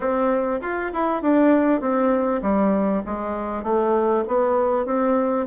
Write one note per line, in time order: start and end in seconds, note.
0.00 0.60 C4
0.61 0.91 F4
0.93 1.22 E4
1.22 1.80 D4
1.80 2.41 C4
2.42 3.02 G3
3.05 3.63 G#3
3.63 4.23 A3
4.27 4.85 B3
4.85 5.46 C4